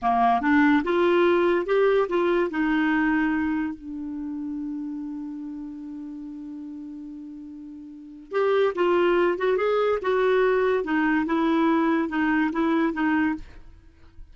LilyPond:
\new Staff \with { instrumentName = "clarinet" } { \time 4/4 \tempo 4 = 144 ais4 d'4 f'2 | g'4 f'4 dis'2~ | dis'4 d'2.~ | d'1~ |
d'1 | g'4 f'4. fis'8 gis'4 | fis'2 dis'4 e'4~ | e'4 dis'4 e'4 dis'4 | }